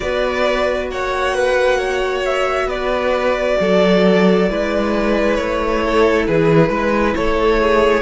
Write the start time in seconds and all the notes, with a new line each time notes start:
0.00 B3 F#4 B4 D5
0.90 A#3 C#5 F#5
1.34 B4
1.77 C#5
2.25 E5
2.66 B3 B4 D5
3.60 F#3 A4
4.47 G#3 E4 B4
5.34 A3 C#5
5.84 A4
6.26 E3 G#4 B4
6.69 G#3 B4
7.15 A3 A4 C#5
7.61 G#4